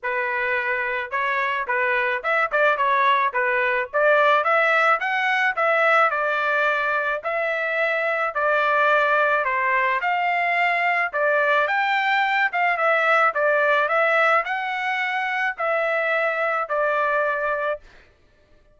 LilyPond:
\new Staff \with { instrumentName = "trumpet" } { \time 4/4 \tempo 4 = 108 b'2 cis''4 b'4 | e''8 d''8 cis''4 b'4 d''4 | e''4 fis''4 e''4 d''4~ | d''4 e''2 d''4~ |
d''4 c''4 f''2 | d''4 g''4. f''8 e''4 | d''4 e''4 fis''2 | e''2 d''2 | }